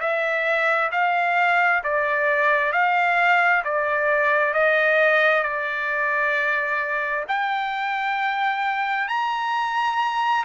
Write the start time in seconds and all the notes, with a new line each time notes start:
0.00 E5
0.92 F5
1.84 D5
2.72 F5
3.64 D5
4.54 D#5
5.43 D5
7.28 G5
9.08 A#5